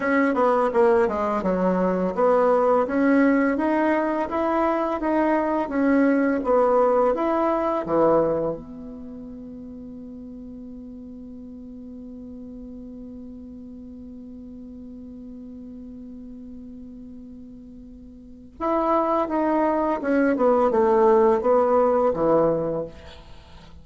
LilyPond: \new Staff \with { instrumentName = "bassoon" } { \time 4/4 \tempo 4 = 84 cis'8 b8 ais8 gis8 fis4 b4 | cis'4 dis'4 e'4 dis'4 | cis'4 b4 e'4 e4 | b1~ |
b1~ | b1~ | b2 e'4 dis'4 | cis'8 b8 a4 b4 e4 | }